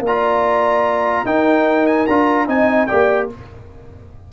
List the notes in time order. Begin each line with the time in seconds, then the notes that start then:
0.00 A#3
0.07 F4 D5 A#5
1.25 D#4 A#4 G5
1.87 G#5
2.07 D4 F4 A#5
2.48 C4 D#4 D#5 G#5
2.87 A#3 G4 D5 G5